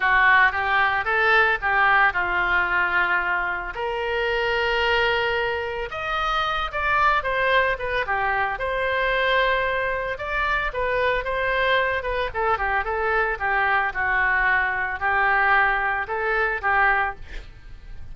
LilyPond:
\new Staff \with { instrumentName = "oboe" } { \time 4/4 \tempo 4 = 112 fis'4 g'4 a'4 g'4 | f'2. ais'4~ | ais'2. dis''4~ | dis''8 d''4 c''4 b'8 g'4 |
c''2. d''4 | b'4 c''4. b'8 a'8 g'8 | a'4 g'4 fis'2 | g'2 a'4 g'4 | }